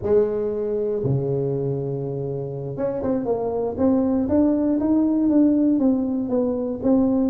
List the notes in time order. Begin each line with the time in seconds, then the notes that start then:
0.02 G#3
1.03 C#3
2.76 C#4
3.02 C4
3.25 A#3
3.77 C4
4.29 D4
4.80 D#4
5.29 D4
5.79 C4
6.29 B3
6.83 C4